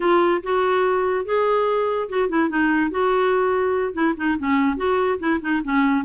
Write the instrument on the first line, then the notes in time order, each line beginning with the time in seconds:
clarinet
0.00 F4
0.43 F#4
1.25 G#4
2.09 F#4
2.29 E4
2.49 D#4
2.91 F#4
3.93 E4
4.17 D#4
4.38 C#4
4.77 F#4
5.19 E4
5.41 D#4
5.64 C#4